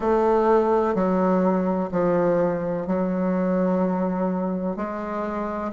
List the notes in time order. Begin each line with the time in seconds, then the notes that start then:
0.00 A3
0.94 F#3
1.91 F3
2.86 F#3
4.76 G#3